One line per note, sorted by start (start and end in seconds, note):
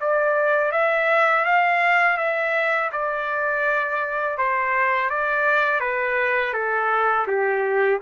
0.00 0.72 D5
0.72 1.45 E5
1.45 2.17 F5
2.17 2.90 E5
2.92 4.38 D5
4.38 5.10 C5
5.10 5.80 D5
5.80 6.53 B4
6.53 7.26 A4
7.27 8.01 G4